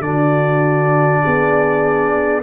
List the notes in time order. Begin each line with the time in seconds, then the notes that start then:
0.00 D3 D4 D5
0.06 F#4
1.23 B3 G#4